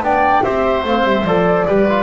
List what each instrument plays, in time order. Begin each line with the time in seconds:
0.00 double bass B3, trombone D4, oboe D5, flute G5
0.43 double bass C4, trombone G4, oboe C5, flute E5
0.84 double bass A3, trombone C4, flute F5
1.03 double bass G3, flute E5
1.25 double bass F3, trombone A4, flute D5
1.66 double bass G3, trombone G4, oboe B4
1.89 trombone F4